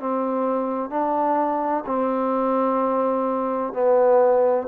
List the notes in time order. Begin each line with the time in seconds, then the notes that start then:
0.00 C4
0.90 D4
1.86 C4
3.74 B3